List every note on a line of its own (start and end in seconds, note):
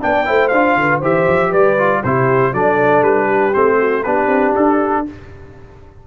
0.00 0.29 B3
0.00 0.25 D4
0.00 0.27 D5
0.00 0.48 G5
0.25 0.51 A3
0.25 0.50 E4
0.25 0.78 C5
0.48 0.76 D4
0.48 1.02 F4
0.48 0.98 F5
0.76 1.01 D3
0.76 0.99 B4
0.99 1.27 E3
0.99 1.77 G4
0.99 1.49 C5
0.99 1.52 E5
1.27 1.53 F3
1.49 2.03 G3
1.49 2.00 B4
1.49 2.03 D5
1.78 2.03 F4
2.03 2.53 C3
2.03 2.54 E4
2.03 2.52 G4
2.03 2.53 C5
2.52 3.02 F#3
2.52 3.53 D4
2.52 3.26 A4
2.52 3.03 D5
3.02 3.52 G3
3.02 3.53 B4
3.26 3.76 G4
3.53 4.06 A3
3.53 4.04 C4
3.53 4.03 C5
3.78 4.04 F#4
4.03 4.26 B3
4.03 5.07 D4
4.03 5.05 G4
4.03 4.53 B4
4.26 4.52 C4
4.55 5.06 D4
4.55 5.05 A4